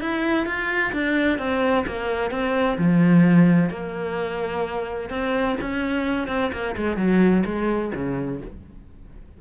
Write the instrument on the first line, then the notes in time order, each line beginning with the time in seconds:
cello
0.00 E4
0.45 F4
0.92 D4
1.38 C4
1.86 A#3
2.30 C4
2.78 F3
3.70 A#3
5.09 C4
5.60 C#4
6.27 C4
6.52 A#3
6.76 G#3
6.97 F#3
7.45 G#3
7.95 C#3